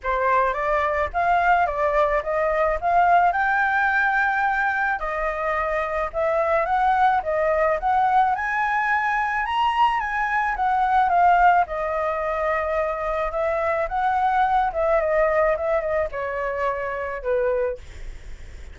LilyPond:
\new Staff \with { instrumentName = "flute" } { \time 4/4 \tempo 4 = 108 c''4 d''4 f''4 d''4 | dis''4 f''4 g''2~ | g''4 dis''2 e''4 | fis''4 dis''4 fis''4 gis''4~ |
gis''4 ais''4 gis''4 fis''4 | f''4 dis''2. | e''4 fis''4. e''8 dis''4 | e''8 dis''8 cis''2 b'4 | }